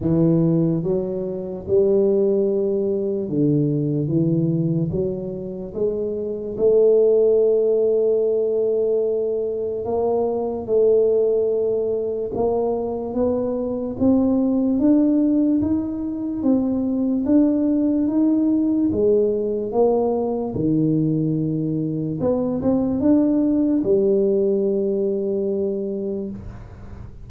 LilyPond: \new Staff \with { instrumentName = "tuba" } { \time 4/4 \tempo 4 = 73 e4 fis4 g2 | d4 e4 fis4 gis4 | a1 | ais4 a2 ais4 |
b4 c'4 d'4 dis'4 | c'4 d'4 dis'4 gis4 | ais4 dis2 b8 c'8 | d'4 g2. | }